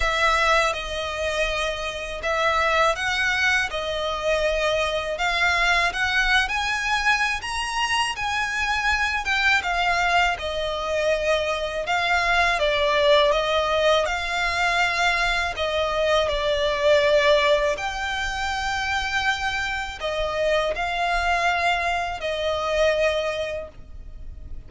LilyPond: \new Staff \with { instrumentName = "violin" } { \time 4/4 \tempo 4 = 81 e''4 dis''2 e''4 | fis''4 dis''2 f''4 | fis''8. gis''4~ gis''16 ais''4 gis''4~ | gis''8 g''8 f''4 dis''2 |
f''4 d''4 dis''4 f''4~ | f''4 dis''4 d''2 | g''2. dis''4 | f''2 dis''2 | }